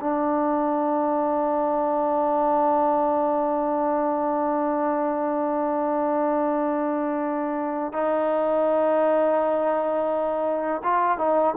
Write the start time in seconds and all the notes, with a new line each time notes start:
0.00 D4
7.93 D#4
10.83 F4
11.18 D#4